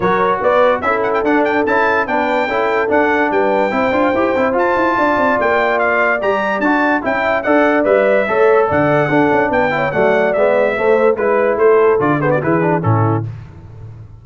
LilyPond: <<
  \new Staff \with { instrumentName = "trumpet" } { \time 4/4 \tempo 4 = 145 cis''4 d''4 e''8 fis''16 g''16 fis''8 g''8 | a''4 g''2 fis''4 | g''2. a''4~ | a''4 g''4 f''4 ais''4 |
a''4 g''4 fis''4 e''4~ | e''4 fis''2 g''4 | fis''4 e''2 b'4 | c''4 d''8 c''16 d''16 b'4 a'4 | }
  \new Staff \with { instrumentName = "horn" } { \time 4/4 ais'4 b'4 a'2~ | a'4 b'4 a'2 | b'4 c''2. | d''1~ |
d''4 e''4 d''2 | cis''4 d''4 a'4 b'8 cis''8 | d''2 c''4 b'4 | a'4. gis'16 fis'16 gis'4 e'4 | }
  \new Staff \with { instrumentName = "trombone" } { \time 4/4 fis'2 e'4 d'4 | e'4 d'4 e'4 d'4~ | d'4 e'8 f'8 g'8 e'8 f'4~ | f'2. g'4 |
fis'4 e'4 a'4 b'4 | a'2 d'4. e'8 | a4 b4 a4 e'4~ | e'4 f'8 b8 e'8 d'8 cis'4 | }
  \new Staff \with { instrumentName = "tuba" } { \time 4/4 fis4 b4 cis'4 d'4 | cis'4 b4 cis'4 d'4 | g4 c'8 d'8 e'8 c'8 f'8 e'8 | d'8 c'8 ais2 g4 |
d'4 cis'4 d'4 g4 | a4 d4 d'8 cis'8 b4 | fis4 gis4 a4 gis4 | a4 d4 e4 a,4 | }
>>